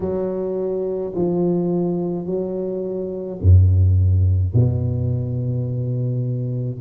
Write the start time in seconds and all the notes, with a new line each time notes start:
0.00 F#3
1.15 F3
2.26 F#3
3.41 F#2
4.53 B2